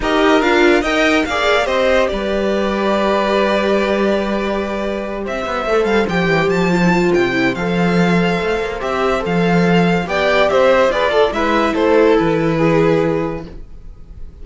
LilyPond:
<<
  \new Staff \with { instrumentName = "violin" } { \time 4/4 \tempo 4 = 143 dis''4 f''4 g''4 f''4 | dis''4 d''2.~ | d''1~ | d''8 e''4. f''8 g''4 a''8~ |
a''4 g''4 f''2~ | f''4 e''4 f''2 | g''4 e''4 d''4 e''4 | c''4 b'2. | }
  \new Staff \with { instrumentName = "violin" } { \time 4/4 ais'2 dis''4 d''4 | c''4 b'2.~ | b'1~ | b'8 c''2.~ c''8~ |
c''1~ | c''1 | d''4 c''4 b'8 a'8 b'4 | a'2 gis'2 | }
  \new Staff \with { instrumentName = "viola" } { \time 4/4 g'4 f'4 ais'4 gis'4 | g'1~ | g'1~ | g'4. a'4 g'4. |
f'16 e'16 f'4 e'8 a'2~ | a'4 g'4 a'2 | g'2 gis'8 a'8 e'4~ | e'1 | }
  \new Staff \with { instrumentName = "cello" } { \time 4/4 dis'4 d'4 dis'4 ais4 | c'4 g2.~ | g1~ | g8 c'8 b8 a8 g8 f8 e8 f8~ |
f4 c4 f2 | a8 ais8 c'4 f2 | b4 c'4 f'4 gis4 | a4 e2. | }
>>